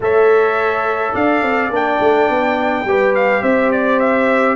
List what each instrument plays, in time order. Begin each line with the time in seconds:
0.00 tuba A3, trombone A4, horn C#5, trumpet E5
1.13 tuba D4, horn D5, trumpet F5
1.42 tuba C4
1.70 tuba A#3, trombone D4, trumpet G5
2.00 tuba A3
2.29 tuba B3
2.84 tuba G3, trombone G4, horn B4
3.15 trumpet F5
3.41 tuba C4, horn C5, trumpet E5
3.71 trumpet D5
3.99 trumpet E5